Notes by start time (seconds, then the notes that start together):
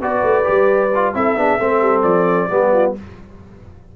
0.00 B3 F#4 B4 D5
0.23 A3
0.44 G3 G4
0.95 F4
1.14 C4 E4 A4 E5
1.36 B3 D4 G#4
1.59 A3 C4 A4
1.81 G3
2.02 F3 D5
2.50 G3 B3 G4
2.73 F4